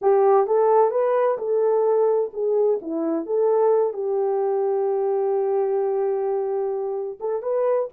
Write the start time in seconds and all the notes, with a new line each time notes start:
0.01 G4
0.46 A4
0.90 B4
1.37 A4
2.33 G#4
2.81 E4
3.26 A4
3.93 G4
7.20 A4
7.42 B4